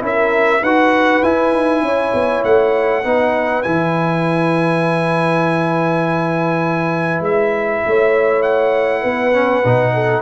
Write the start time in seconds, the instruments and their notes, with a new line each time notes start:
0.00 tuba C#4, trombone E4, horn A#4
0.06 trumpet E5
0.62 tuba D#4, trombone F#4, horn B4, trumpet F#5
1.23 tuba E4, trombone E4, trumpet G#5
1.53 tuba D#4
1.82 tuba C#4, horn C#5
2.14 tuba B3
2.44 tuba A3, trumpet F#5
3.04 tuba B3, trombone D#4, horn B4
3.63 tuba E3, trombone E4, trumpet G#5
7.20 tuba G#3, trumpet E5
7.86 tuba A3, horn C#5
8.42 trumpet F#5
9.01 tuba B3, horn B4
9.33 trombone C#4
9.65 tuba B2, trombone D#4
9.94 horn A4